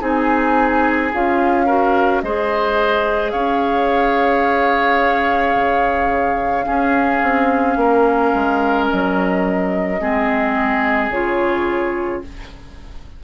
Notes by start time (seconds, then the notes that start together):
0.00 C4 D#4 G#4 G#5
1.12 C#4 F4 F5
1.66 F#4 A#4
2.22 G#3 G#4 C5 D#5
3.30 C#4 C#5 F5
5.56 C#3
6.63 C#4 G#4
7.22 C4
7.76 A#3 A#4
8.34 G#3
8.89 F#3 D#5
10.00 G#3 C4 G#4
11.09 C#3 F4 C#5